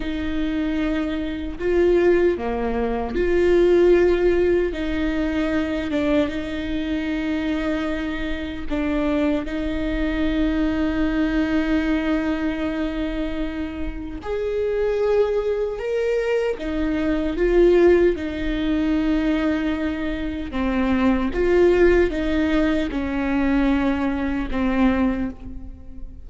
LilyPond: \new Staff \with { instrumentName = "viola" } { \time 4/4 \tempo 4 = 76 dis'2 f'4 ais4 | f'2 dis'4. d'8 | dis'2. d'4 | dis'1~ |
dis'2 gis'2 | ais'4 dis'4 f'4 dis'4~ | dis'2 c'4 f'4 | dis'4 cis'2 c'4 | }